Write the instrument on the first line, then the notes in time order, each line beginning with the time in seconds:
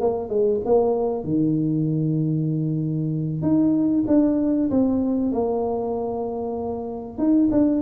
tuba
0.00 A#3
0.29 G#3
0.65 A#3
1.24 D#3
3.41 D#4
4.07 D4
4.70 C4
5.32 A#3
7.17 D#4
7.51 D4